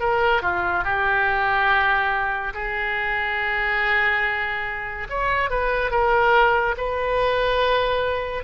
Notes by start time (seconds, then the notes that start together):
0.00 A#4
0.41 F4
0.84 G4
2.54 G#4
5.09 C#5
5.50 B4
5.90 A#4
6.77 B4